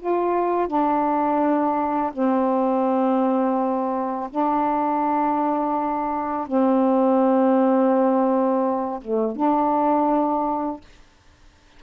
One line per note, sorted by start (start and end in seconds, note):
0.00 0.68 F4
0.68 2.13 D4
2.13 4.30 C4
4.31 6.47 D4
6.47 9.00 C4
9.02 9.36 A3
9.36 10.81 D4